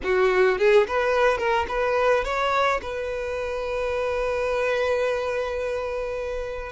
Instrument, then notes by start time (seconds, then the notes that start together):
violin
0.03 F#4
0.58 G#4
0.87 B4
1.38 A#4
1.68 B4
2.24 C#5
2.81 B4